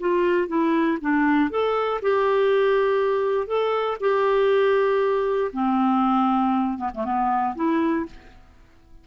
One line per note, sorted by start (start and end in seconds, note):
0.00 0.48 F4
0.48 0.98 E4
1.01 1.50 D4
1.50 2.01 A4
2.02 3.47 G4
3.47 3.97 A4
4.00 5.51 G4
5.53 6.78 C4
6.78 6.90 B3
6.94 7.05 A3
7.05 7.55 B3
7.55 8.06 E4